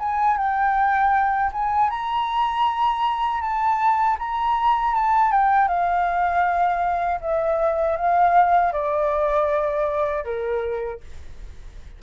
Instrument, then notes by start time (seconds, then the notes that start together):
flute
0.00 G#5
0.38 G5
1.53 G#5
1.90 A#5
3.42 A5
4.19 A#5
4.95 A5
5.32 G5
5.69 F5
7.21 E5
7.97 F5
8.73 D5
10.25 A#4